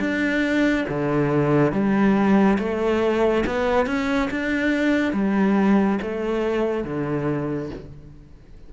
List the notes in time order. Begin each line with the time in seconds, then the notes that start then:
0.00 D4
0.89 D3
1.73 G3
2.59 A3
3.47 B3
3.87 C#4
4.31 D4
5.14 G3
6.02 A3
6.85 D3